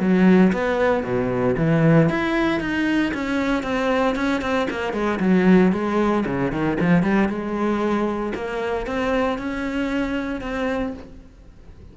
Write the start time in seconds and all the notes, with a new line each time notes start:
0.00 F#3
0.53 B3
1.04 B2
1.57 E3
2.10 E4
2.61 D#4
3.14 C#4
3.63 C4
4.15 C#4
4.42 C4
4.71 A#3
4.93 G#3
5.20 F#3
5.72 G#3
6.26 C#3
6.52 D#3
6.80 F3
7.03 G3
7.29 G#3
8.35 A#3
8.87 C4
9.38 C#4
10.41 C4